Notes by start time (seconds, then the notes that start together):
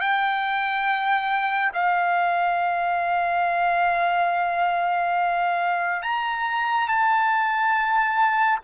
0.00 G5
1.73 F5
6.02 A#5
6.87 A5